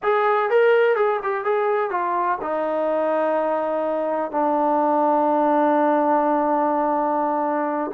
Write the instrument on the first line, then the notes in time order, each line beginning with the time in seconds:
trombone
0.02 G#4
0.50 A#4
0.96 G#4
1.22 G4
1.44 G#4
1.90 F4
2.41 D#4
4.31 D4